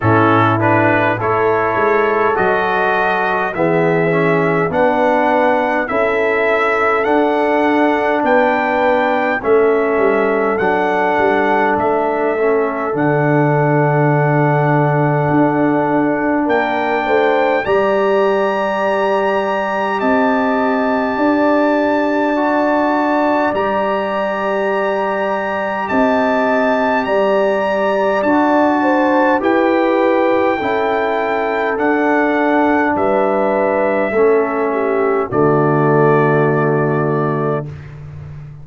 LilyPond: <<
  \new Staff \with { instrumentName = "trumpet" } { \time 4/4 \tempo 4 = 51 a'8 b'8 cis''4 dis''4 e''4 | fis''4 e''4 fis''4 g''4 | e''4 fis''4 e''4 fis''4~ | fis''2 g''4 ais''4~ |
ais''4 a''2. | ais''2 a''4 ais''4 | a''4 g''2 fis''4 | e''2 d''2 | }
  \new Staff \with { instrumentName = "horn" } { \time 4/4 e'4 a'2 gis'4 | b'4 a'2 b'4 | a'1~ | a'2 ais'8 c''8 d''4~ |
d''4 dis''4 d''2~ | d''2 dis''4 d''4~ | d''8 c''8 b'4 a'2 | b'4 a'8 g'8 fis'2 | }
  \new Staff \with { instrumentName = "trombone" } { \time 4/4 cis'8 d'8 e'4 fis'4 b8 cis'8 | d'4 e'4 d'2 | cis'4 d'4. cis'8 d'4~ | d'2. g'4~ |
g'2. fis'4 | g'1 | fis'4 g'4 e'4 d'4~ | d'4 cis'4 a2 | }
  \new Staff \with { instrumentName = "tuba" } { \time 4/4 a,4 a8 gis8 fis4 e4 | b4 cis'4 d'4 b4 | a8 g8 fis8 g8 a4 d4~ | d4 d'4 ais8 a8 g4~ |
g4 c'4 d'2 | g2 c'4 g4 | d'4 e'4 cis'4 d'4 | g4 a4 d2 | }
>>